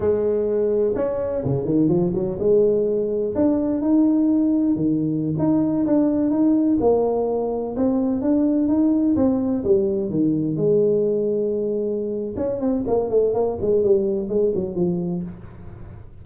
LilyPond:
\new Staff \with { instrumentName = "tuba" } { \time 4/4 \tempo 4 = 126 gis2 cis'4 cis8 dis8 | f8 fis8 gis2 d'4 | dis'2 dis4~ dis16 dis'8.~ | dis'16 d'4 dis'4 ais4.~ ais16~ |
ais16 c'4 d'4 dis'4 c'8.~ | c'16 g4 dis4 gis4.~ gis16~ | gis2 cis'8 c'8 ais8 a8 | ais8 gis8 g4 gis8 fis8 f4 | }